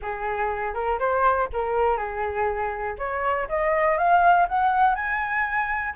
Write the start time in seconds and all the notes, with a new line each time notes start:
0.02 G#4
0.73 A#4
0.99 C5
1.52 A#4
1.97 G#4
2.98 C#5
3.48 D#5
3.97 F5
4.48 F#5
4.95 G#5